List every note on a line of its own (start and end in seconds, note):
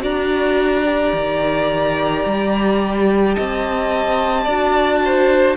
0.00 1.13 D4
0.00 0.83 F#4
0.00 3.36 D5
0.00 3.34 A#5
0.85 4.47 G4
1.13 2.25 D#3
2.26 3.37 G3
3.34 4.47 C4
3.34 4.44 D#5
3.34 5.57 A5
4.44 5.57 D4
4.44 5.57 F#4
4.44 5.00 D5
5.05 5.57 C5